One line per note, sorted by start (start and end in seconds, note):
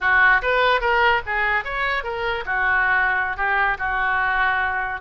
0.01 0.41 F#4
0.41 0.80 B4
0.80 1.21 A#4
1.26 1.64 G#4
1.64 2.03 C#5
2.03 2.44 A#4
2.45 3.36 F#4
3.36 3.77 G4
3.78 5.00 F#4